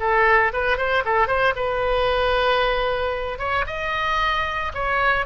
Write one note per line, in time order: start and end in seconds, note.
0.00 0.53 A4
0.53 0.78 B4
0.78 1.04 C5
1.05 1.28 A4
1.28 1.54 C5
1.56 3.39 B4
3.39 3.65 C#5
3.67 4.72 D#5
4.74 5.26 C#5